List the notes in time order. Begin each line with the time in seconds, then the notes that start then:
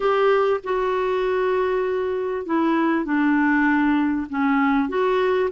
0.00 G4
0.63 F#4
2.46 E4
3.04 D4
4.29 C#4
4.88 F#4